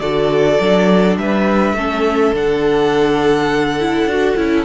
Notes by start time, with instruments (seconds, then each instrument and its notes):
0.00 cello D3, viola F#4, violin A4 D5
0.60 cello F#3, viola D4
1.17 cello G3, violin B4 E5
1.74 cello A3, viola C#4, violin A4
2.33 cello D3, viola D4, violin F#5
3.80 viola E4
4.05 cello D4, viola F#4
4.37 cello C#4, viola E4